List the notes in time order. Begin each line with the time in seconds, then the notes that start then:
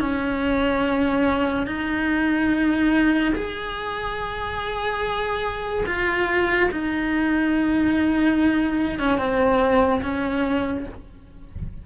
0.00 C#4
1.67 D#4
3.35 G#4
5.86 F4
6.72 D#4
8.99 C#4
9.19 C4
10.02 C#4